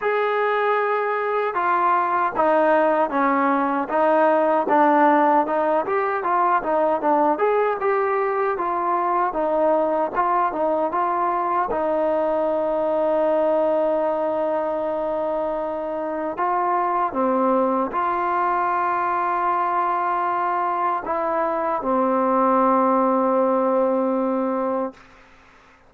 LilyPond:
\new Staff \with { instrumentName = "trombone" } { \time 4/4 \tempo 4 = 77 gis'2 f'4 dis'4 | cis'4 dis'4 d'4 dis'8 g'8 | f'8 dis'8 d'8 gis'8 g'4 f'4 | dis'4 f'8 dis'8 f'4 dis'4~ |
dis'1~ | dis'4 f'4 c'4 f'4~ | f'2. e'4 | c'1 | }